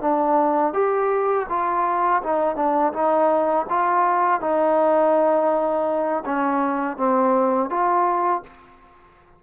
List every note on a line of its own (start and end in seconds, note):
0.00 0.73 D4
0.73 1.46 G4
1.49 2.22 F4
2.23 2.55 D#4
2.55 2.92 D4
2.92 3.66 D#4
3.69 4.40 F4
4.40 6.23 D#4
6.25 6.96 C#4
6.96 7.70 C4
7.70 8.43 F4